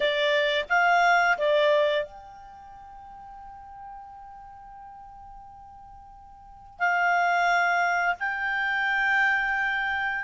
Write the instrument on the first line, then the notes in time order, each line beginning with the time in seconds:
clarinet
0.00 D5
0.69 F5
1.38 D5
2.05 G5
6.79 F5
8.19 G5